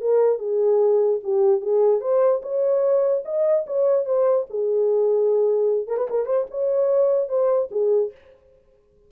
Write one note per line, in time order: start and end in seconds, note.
0.00 0.38 A#4
0.38 1.19 G#4
1.23 1.61 G4
1.61 2.00 G#4
2.00 2.41 C5
2.42 3.23 C#5
3.25 3.65 D#5
3.66 4.05 C#5
4.05 4.46 C5
4.49 5.87 G#4
5.87 5.97 A#4
5.97 6.07 B4
6.09 6.25 A#4
6.25 6.46 C5
6.50 7.28 C#5
7.28 7.69 C5
7.70 8.11 G#4